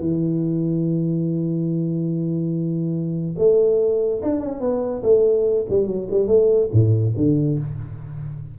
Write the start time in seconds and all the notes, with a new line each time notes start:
0.00 E3
3.38 A3
4.23 D4
4.41 C#4
4.61 B3
5.03 A3
5.70 G3
5.87 F#3
6.11 G3
6.28 A3
6.73 A2
7.17 D3